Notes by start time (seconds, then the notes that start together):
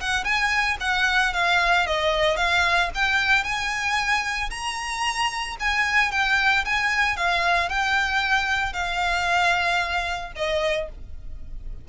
0.00 F#5
0.24 G#5
0.80 F#5
1.33 F5
1.87 D#5
2.36 F5
2.94 G5
3.43 G#5
4.50 A#5
5.59 G#5
6.11 G5
6.65 G#5
7.16 F5
7.69 G5
8.73 F5
10.35 D#5